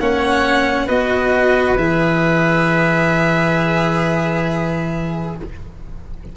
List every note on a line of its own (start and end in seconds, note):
0.00 0.89 A#3
0.00 0.88 C#4
0.00 0.86 C#5
0.00 0.89 F#5
0.86 1.76 B3
0.86 1.78 F#4
0.86 5.34 B4
0.86 1.78 D#5
1.76 5.34 E3
1.76 5.37 G#4
1.76 5.36 E5